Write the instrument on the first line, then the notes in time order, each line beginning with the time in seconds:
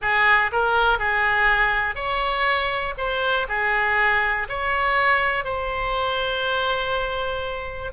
oboe
0.01 G#4
0.51 A#4
0.98 G#4
1.95 C#5
2.97 C5
3.48 G#4
4.48 C#5
5.44 C5